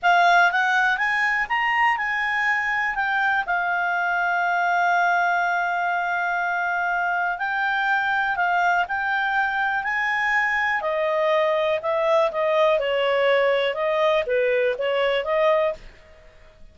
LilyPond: \new Staff \with { instrumentName = "clarinet" } { \time 4/4 \tempo 4 = 122 f''4 fis''4 gis''4 ais''4 | gis''2 g''4 f''4~ | f''1~ | f''2. g''4~ |
g''4 f''4 g''2 | gis''2 dis''2 | e''4 dis''4 cis''2 | dis''4 b'4 cis''4 dis''4 | }